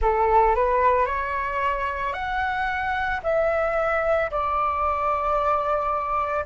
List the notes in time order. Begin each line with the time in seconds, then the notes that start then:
0.01 A4
0.55 B4
1.06 C#5
2.13 F#5
3.23 E5
4.31 D5